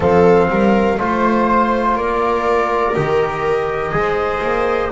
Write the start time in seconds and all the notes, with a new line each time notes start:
0.00 F3 C4 A4 F5
0.49 G3 A#4
0.98 A3 F4 C5
1.94 A#3 A#4 D5
2.94 D#3 G4 D#5
3.92 G#3 G#4 C5
4.42 A#3